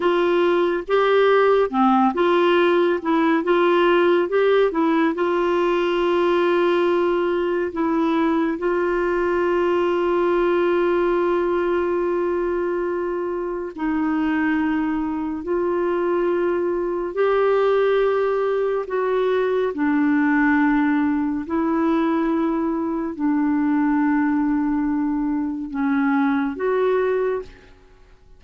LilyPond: \new Staff \with { instrumentName = "clarinet" } { \time 4/4 \tempo 4 = 70 f'4 g'4 c'8 f'4 e'8 | f'4 g'8 e'8 f'2~ | f'4 e'4 f'2~ | f'1 |
dis'2 f'2 | g'2 fis'4 d'4~ | d'4 e'2 d'4~ | d'2 cis'4 fis'4 | }